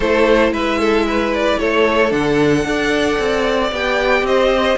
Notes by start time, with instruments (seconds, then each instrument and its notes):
0.00 cello A3, viola E4, violin A4 C5
0.51 cello G#3, violin B4 E5
0.79 violin A4
1.06 violin B4
1.34 violin D5
1.59 cello A3, violin A4 C#5
2.10 cello D3, viola D4, violin F#5
2.64 cello D4, viola A4, violin D5
3.19 cello C4
3.71 cello B3, viola G4, violin G5
4.22 cello C4, violin C5 D#5